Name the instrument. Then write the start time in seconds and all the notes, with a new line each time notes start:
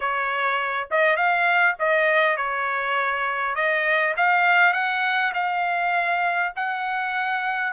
trumpet
0.00 C#5
0.90 D#5
1.16 F5
1.79 D#5
2.36 C#5
3.55 D#5
4.16 F5
4.73 F#5
5.34 F5
6.56 F#5